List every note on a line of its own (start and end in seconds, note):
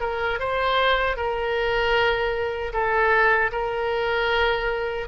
0.00 0.39 A#4
0.39 1.17 C5
1.17 2.72 A#4
2.73 3.51 A4
3.52 5.08 A#4